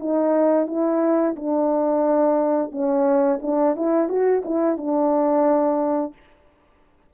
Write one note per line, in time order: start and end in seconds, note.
0.00 0.67 D#4
0.67 1.35 E4
1.36 2.72 D4
2.72 3.40 C#4
3.42 3.76 D4
3.77 4.09 E4
4.09 4.43 F#4
4.45 4.77 E4
4.77 6.14 D4